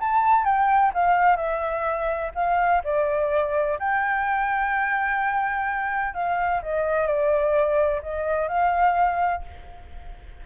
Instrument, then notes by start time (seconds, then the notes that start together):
flute
0.00 A5
0.45 G5
0.94 F5
1.37 E5
2.35 F5
2.84 D5
3.79 G5
6.14 F5
6.62 D#5
7.07 D5
8.03 D#5
8.48 F5